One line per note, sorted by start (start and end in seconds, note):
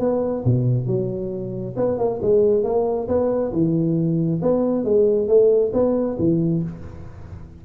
0.00 0.44 B3
0.45 0.87 B2
0.87 1.75 F#3
1.77 1.99 B3
1.99 2.21 A#3
2.22 2.64 G#3
2.64 3.08 A#3
3.08 3.52 B3
3.53 4.41 E3
4.42 4.85 B3
4.85 5.28 G#3
5.28 5.72 A3
5.73 6.17 B3
6.19 6.63 E3